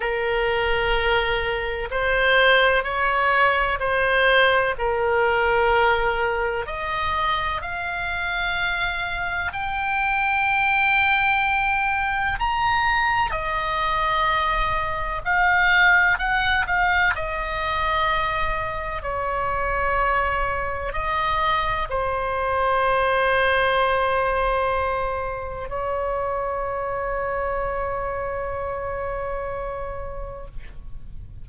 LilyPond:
\new Staff \with { instrumentName = "oboe" } { \time 4/4 \tempo 4 = 63 ais'2 c''4 cis''4 | c''4 ais'2 dis''4 | f''2 g''2~ | g''4 ais''4 dis''2 |
f''4 fis''8 f''8 dis''2 | cis''2 dis''4 c''4~ | c''2. cis''4~ | cis''1 | }